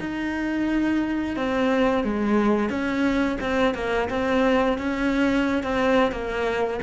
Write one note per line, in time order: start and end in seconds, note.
0.00 1.36 D#4
1.36 2.03 C4
2.03 2.69 G#3
2.69 3.37 C#4
3.40 3.74 C4
3.74 4.08 A#3
4.09 4.78 C4
4.78 5.63 C#4
5.63 6.11 C4
6.11 6.79 A#3